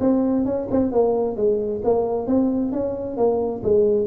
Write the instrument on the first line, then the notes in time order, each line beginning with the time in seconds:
tuba
0.00 C4
0.45 C#4
0.71 C4
0.92 A#3
1.36 G#3
1.84 A#3
2.27 C4
2.72 C#4
3.17 A#3
3.63 G#3